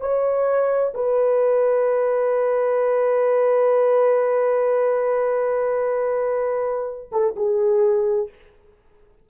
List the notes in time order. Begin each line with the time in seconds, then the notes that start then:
0.00 C#5
0.94 B4
7.11 A4
7.36 G#4